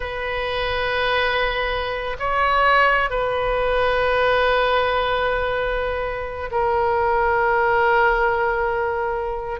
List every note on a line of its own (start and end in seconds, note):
0.00 2.16 B4
2.19 3.09 C#5
3.09 6.49 B4
6.51 9.60 A#4